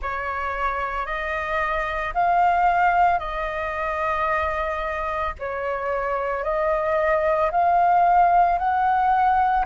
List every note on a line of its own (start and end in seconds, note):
0.01 1.06 C#5
1.06 2.13 D#5
2.14 3.19 F5
3.19 5.33 D#5
5.39 6.43 C#5
6.43 7.50 D#5
7.50 8.58 F5
8.58 9.65 F#5